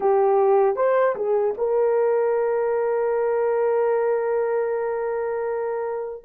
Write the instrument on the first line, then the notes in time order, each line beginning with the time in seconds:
horn
0.00 G4
0.76 C5
1.15 G#4
1.57 A#4